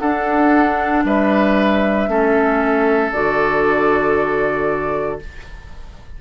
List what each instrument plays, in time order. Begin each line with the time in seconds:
0.00 bassoon D4, clarinet D4, oboe A4, flute F#5
1.05 bassoon G3, oboe B4, flute E5
2.08 bassoon A3, clarinet C#4, oboe A4
3.12 bassoon D3, clarinet F#4, flute D5